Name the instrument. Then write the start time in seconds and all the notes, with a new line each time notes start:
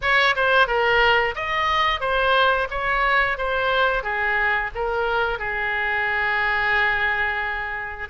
oboe
0.01 C#5
0.35 C5
0.67 A#4
1.35 D#5
2.00 C5
2.70 C#5
3.37 C5
4.03 G#4
4.74 A#4
5.38 G#4